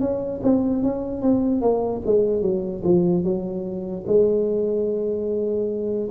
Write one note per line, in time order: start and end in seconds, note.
0.00 0.41 C#4
0.43 0.83 C4
0.83 1.22 C#4
1.22 1.61 C4
1.61 2.02 A#3
2.06 2.42 G#3
2.42 2.83 F#3
2.84 3.24 F3
3.24 4.05 F#3
4.07 6.10 G#3